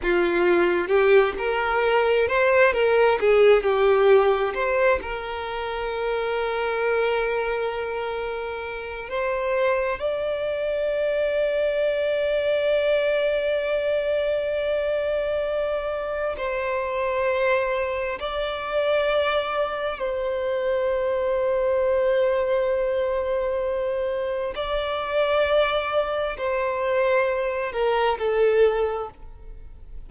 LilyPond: \new Staff \with { instrumentName = "violin" } { \time 4/4 \tempo 4 = 66 f'4 g'8 ais'4 c''8 ais'8 gis'8 | g'4 c''8 ais'2~ ais'8~ | ais'2 c''4 d''4~ | d''1~ |
d''2 c''2 | d''2 c''2~ | c''2. d''4~ | d''4 c''4. ais'8 a'4 | }